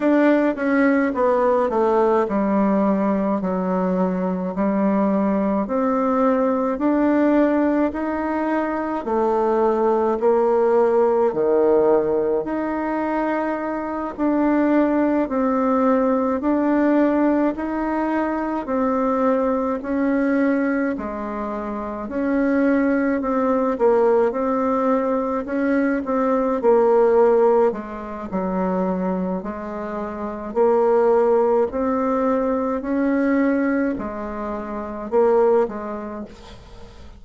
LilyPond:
\new Staff \with { instrumentName = "bassoon" } { \time 4/4 \tempo 4 = 53 d'8 cis'8 b8 a8 g4 fis4 | g4 c'4 d'4 dis'4 | a4 ais4 dis4 dis'4~ | dis'8 d'4 c'4 d'4 dis'8~ |
dis'8 c'4 cis'4 gis4 cis'8~ | cis'8 c'8 ais8 c'4 cis'8 c'8 ais8~ | ais8 gis8 fis4 gis4 ais4 | c'4 cis'4 gis4 ais8 gis8 | }